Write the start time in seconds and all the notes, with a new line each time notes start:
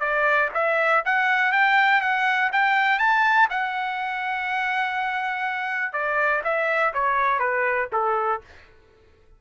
0.00 D5
0.54 E5
1.05 F#5
1.52 G5
2.01 F#5
2.52 G5
2.99 A5
3.50 F#5
5.93 D5
6.44 E5
6.93 C#5
7.39 B4
7.92 A4